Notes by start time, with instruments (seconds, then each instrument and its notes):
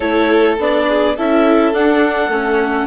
0.00 bassoon A3, viola E4, violin A4, clarinet C#5
0.59 bassoon B3, viola D4, clarinet D5
0.88 violin G#4
1.16 bassoon C#4, viola E4, violin A4, clarinet E5
1.73 bassoon D4, viola D4, clarinet F#5
2.28 bassoon A3, viola C#4